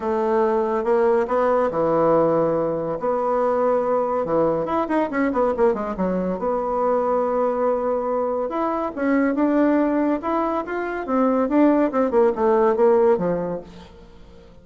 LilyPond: \new Staff \with { instrumentName = "bassoon" } { \time 4/4 \tempo 4 = 141 a2 ais4 b4 | e2. b4~ | b2 e4 e'8 dis'8 | cis'8 b8 ais8 gis8 fis4 b4~ |
b1 | e'4 cis'4 d'2 | e'4 f'4 c'4 d'4 | c'8 ais8 a4 ais4 f4 | }